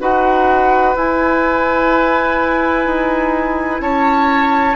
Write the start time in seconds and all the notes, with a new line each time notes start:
0.00 D#4 F#4 B4 F#5
0.95 E4 G#5
2.85 D#4
3.80 C#4 C#5 A5